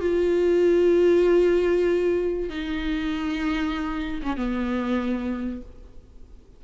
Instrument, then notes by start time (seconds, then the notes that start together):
viola
0.00 F4
2.49 D#4
4.22 C#4
4.36 B3